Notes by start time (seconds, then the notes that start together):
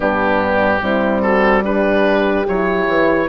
0.00 G2 B3 D4 G4
0.81 G3 C4 E4
1.22 F#4 A4
1.63 D4 G4 B4
2.48 F#3 E4 C#5
2.87 E3